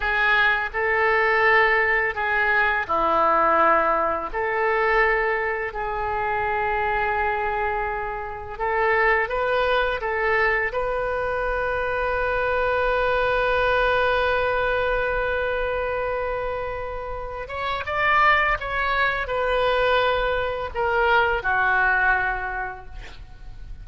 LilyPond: \new Staff \with { instrumentName = "oboe" } { \time 4/4 \tempo 4 = 84 gis'4 a'2 gis'4 | e'2 a'2 | gis'1 | a'4 b'4 a'4 b'4~ |
b'1~ | b'1~ | b'8 cis''8 d''4 cis''4 b'4~ | b'4 ais'4 fis'2 | }